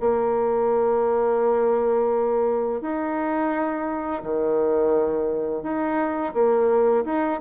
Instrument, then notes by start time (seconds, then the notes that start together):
bassoon
0.00 A#3
2.81 D#4
4.23 D#3
5.62 D#4
6.34 A#3
7.05 D#4